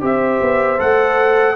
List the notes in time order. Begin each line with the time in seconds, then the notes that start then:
0.00 C4 G4 C5 E5
0.41 B3
0.77 A3 A4 F#5